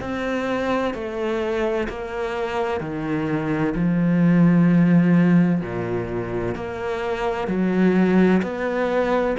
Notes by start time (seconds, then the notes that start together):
0.00 C4
0.94 A3
1.89 A#3
2.80 D#3
3.75 F3
5.62 A#2
6.55 A#3
7.47 F#3
8.42 B3